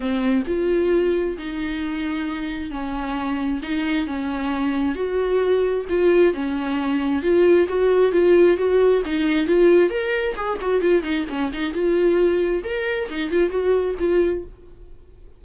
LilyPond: \new Staff \with { instrumentName = "viola" } { \time 4/4 \tempo 4 = 133 c'4 f'2 dis'4~ | dis'2 cis'2 | dis'4 cis'2 fis'4~ | fis'4 f'4 cis'2 |
f'4 fis'4 f'4 fis'4 | dis'4 f'4 ais'4 gis'8 fis'8 | f'8 dis'8 cis'8 dis'8 f'2 | ais'4 dis'8 f'8 fis'4 f'4 | }